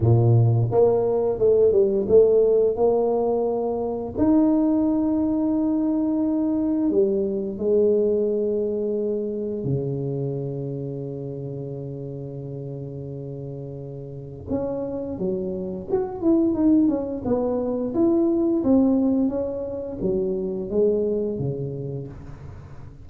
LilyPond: \new Staff \with { instrumentName = "tuba" } { \time 4/4 \tempo 4 = 87 ais,4 ais4 a8 g8 a4 | ais2 dis'2~ | dis'2 g4 gis4~ | gis2 cis2~ |
cis1~ | cis4 cis'4 fis4 fis'8 e'8 | dis'8 cis'8 b4 e'4 c'4 | cis'4 fis4 gis4 cis4 | }